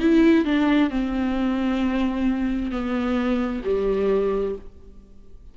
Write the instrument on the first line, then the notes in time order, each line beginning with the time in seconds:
viola
0.00 E4
0.45 D4
0.90 C4
2.71 B3
3.65 G3